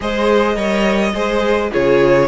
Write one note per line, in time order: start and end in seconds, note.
0.00 0.56 G#3
0.00 0.55 G#4
0.00 0.56 C5
0.00 1.72 D#5
0.55 1.13 G3
0.55 1.12 A#4
0.55 1.13 C#5
1.13 1.71 G#3
1.13 1.71 G#4
1.13 1.70 C5
1.71 2.28 C#3
1.71 2.28 F4
1.71 2.28 G#4
1.71 2.28 C#5